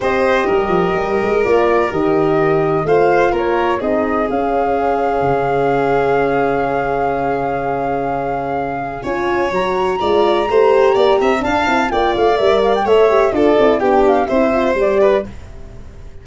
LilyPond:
<<
  \new Staff \with { instrumentName = "flute" } { \time 4/4 \tempo 4 = 126 dis''2. d''4 | dis''2 f''4 cis''4 | dis''4 f''2.~ | f''1~ |
f''2. gis''4 | ais''1 | a''4 g''8 f''8 e''8 f''16 g''16 e''4 | d''4 g''8 f''8 e''4 d''4 | }
  \new Staff \with { instrumentName = "violin" } { \time 4/4 c''4 ais'2.~ | ais'2 c''4 ais'4 | gis'1~ | gis'1~ |
gis'2. cis''4~ | cis''4 d''4 c''4 d''8 e''8 | f''4 d''2 cis''4 | a'4 g'4 c''4. b'8 | }
  \new Staff \with { instrumentName = "horn" } { \time 4/4 g'2. f'4 | g'2 f'2 | dis'4 cis'2.~ | cis'1~ |
cis'2. f'4 | fis'4 f'4 g'2 | d'8 e'8 f'4 ais'4 a'8 g'8 | f'8 e'8 d'4 e'8 f'8 g'4 | }
  \new Staff \with { instrumentName = "tuba" } { \time 4/4 c'4 g8 f8 g8 gis8 ais4 | dis2 a4 ais4 | c'4 cis'2 cis4~ | cis1~ |
cis2. cis'4 | fis4 gis4 a4 ais8 c'8 | d'8 c'8 ais8 a8 g4 a4 | d'8 c'8 b4 c'4 g4 | }
>>